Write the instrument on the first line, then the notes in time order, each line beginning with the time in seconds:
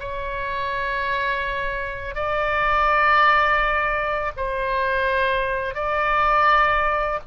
oboe
0.00 C#5
2.15 D5
4.36 C5
5.75 D5